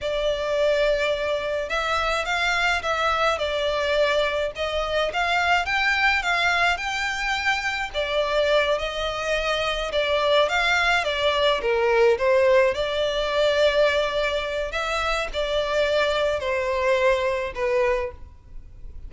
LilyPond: \new Staff \with { instrumentName = "violin" } { \time 4/4 \tempo 4 = 106 d''2. e''4 | f''4 e''4 d''2 | dis''4 f''4 g''4 f''4 | g''2 d''4. dis''8~ |
dis''4. d''4 f''4 d''8~ | d''8 ais'4 c''4 d''4.~ | d''2 e''4 d''4~ | d''4 c''2 b'4 | }